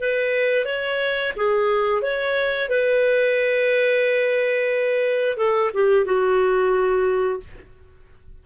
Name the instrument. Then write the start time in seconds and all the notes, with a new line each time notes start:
clarinet
0.00 B4
0.66 C#5
1.37 G#4
2.02 C#5
2.70 B4
5.38 A4
5.75 G4
6.06 F#4